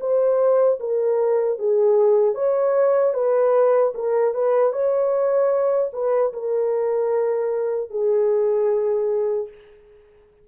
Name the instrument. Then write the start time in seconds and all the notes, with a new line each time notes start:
horn
0.00 C5
0.80 A#4
1.58 G#4
2.35 C#5
3.14 B4
3.95 A#4
4.34 B4
4.73 C#5
5.93 B4
6.33 A#4
7.90 G#4